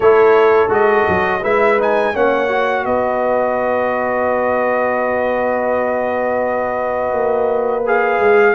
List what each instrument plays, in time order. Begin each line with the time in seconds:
0.00 tuba A3, trombone E4, horn A4, trumpet C#5
0.68 tuba G#3, trombone F#4, trumpet D#5
1.08 tuba F#3
1.41 tuba G#3, trombone E4, horn B4, trumpet E5
1.79 trombone D#4, trumpet G#5
2.13 tuba A#3, trombone C#4, horn C#5, trumpet F#5
2.47 trombone F#4
2.84 tuba B3, horn B4, trumpet D#5
7.12 tuba A#3
7.86 trombone G#4, trumpet F5
8.19 tuba G#3